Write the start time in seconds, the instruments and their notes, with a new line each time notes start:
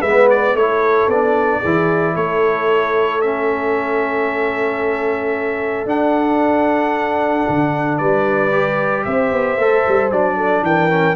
0.00 tuba G#3, trombone B3, horn B4, trumpet E5
0.30 trumpet D5
0.53 tuba A3, trombone E4, horn A4, trumpet C#5
1.07 tuba B3, trombone D4, trumpet D5
1.60 tuba E3, trombone E4, horn G#4
2.14 tuba A3, horn A4, trumpet C#5
3.21 trombone C#4, trumpet E5
5.85 tuba D4, trombone D4, trumpet F#5
7.48 tuba D3
7.97 tuba G3, horn B4, trumpet D5
8.51 trombone G4
9.04 tuba C4, horn C5, trumpet E5
9.32 tuba B3
9.57 tuba A3, trombone A4
9.88 tuba G3
10.10 tuba F#3, trombone D4, trumpet D5
10.37 horn A4
10.61 tuba E3, horn A#4, trumpet G5
10.90 trombone C#4